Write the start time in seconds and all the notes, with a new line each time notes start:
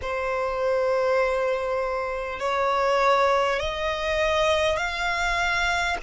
0.01 C5
2.39 C#5
3.59 D#5
4.77 F5